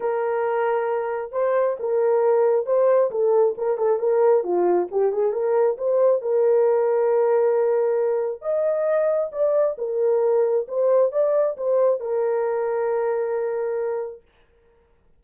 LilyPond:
\new Staff \with { instrumentName = "horn" } { \time 4/4 \tempo 4 = 135 ais'2. c''4 | ais'2 c''4 a'4 | ais'8 a'8 ais'4 f'4 g'8 gis'8 | ais'4 c''4 ais'2~ |
ais'2. dis''4~ | dis''4 d''4 ais'2 | c''4 d''4 c''4 ais'4~ | ais'1 | }